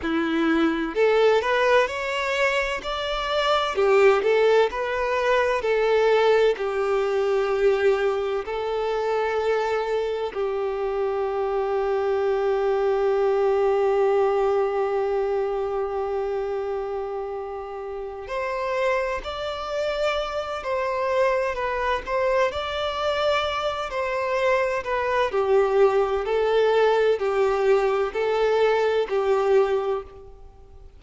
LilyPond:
\new Staff \with { instrumentName = "violin" } { \time 4/4 \tempo 4 = 64 e'4 a'8 b'8 cis''4 d''4 | g'8 a'8 b'4 a'4 g'4~ | g'4 a'2 g'4~ | g'1~ |
g'2.~ g'8 c''8~ | c''8 d''4. c''4 b'8 c''8 | d''4. c''4 b'8 g'4 | a'4 g'4 a'4 g'4 | }